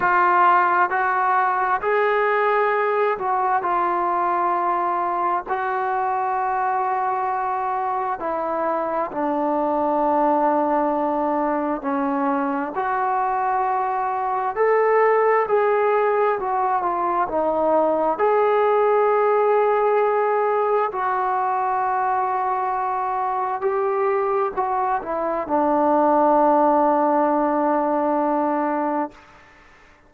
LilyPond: \new Staff \with { instrumentName = "trombone" } { \time 4/4 \tempo 4 = 66 f'4 fis'4 gis'4. fis'8 | f'2 fis'2~ | fis'4 e'4 d'2~ | d'4 cis'4 fis'2 |
a'4 gis'4 fis'8 f'8 dis'4 | gis'2. fis'4~ | fis'2 g'4 fis'8 e'8 | d'1 | }